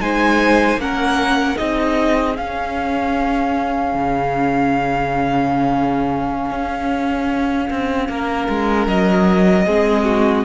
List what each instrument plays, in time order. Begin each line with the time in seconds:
0.00 cello G#3, viola D#4, violin C5 G#5
0.76 cello A#3, viola C#4, violin F#5
0.83 violin A#4
1.56 cello C4, viola D#4, violin G#4 D#5
2.36 viola C#4, cello C#4, violin F5
3.94 cello C#3
6.50 cello C#4
7.70 cello C4
8.09 cello A#3, violin A#4
8.49 cello G#3
8.87 cello F#3, violin D#5
9.66 cello G#3, viola C4, violin G#4
10.05 violin F#4